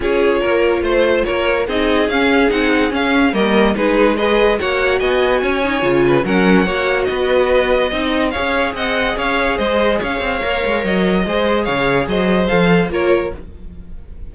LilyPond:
<<
  \new Staff \with { instrumentName = "violin" } { \time 4/4 \tempo 4 = 144 cis''2 c''4 cis''4 | dis''4 f''4 fis''4 f''4 | dis''4 b'4 dis''4 fis''4 | gis''2. fis''4~ |
fis''4 dis''2. | f''4 fis''4 f''4 dis''4 | f''2 dis''2 | f''4 dis''4 f''4 cis''4 | }
  \new Staff \with { instrumentName = "violin" } { \time 4/4 gis'4 ais'4 c''4 ais'4 | gis'1 | ais'4 gis'4 b'4 cis''4 | dis''4 cis''4. b'8 ais'4 |
cis''4 b'2 dis''4 | cis''4 dis''4 cis''4 c''4 | cis''2. c''4 | cis''4 c''2 ais'4 | }
  \new Staff \with { instrumentName = "viola" } { \time 4/4 f'1 | dis'4 cis'4 dis'4 cis'4 | ais4 dis'4 gis'4 fis'4~ | fis'4. dis'8 f'4 cis'4 |
fis'2. dis'4 | gis'1~ | gis'4 ais'2 gis'4~ | gis'2 a'4 f'4 | }
  \new Staff \with { instrumentName = "cello" } { \time 4/4 cis'4 ais4 a4 ais4 | c'4 cis'4 c'4 cis'4 | g4 gis2 ais4 | b4 cis'4 cis4 fis4 |
ais4 b2 c'4 | cis'4 c'4 cis'4 gis4 | cis'8 c'8 ais8 gis8 fis4 gis4 | cis4 fis4 f4 ais4 | }
>>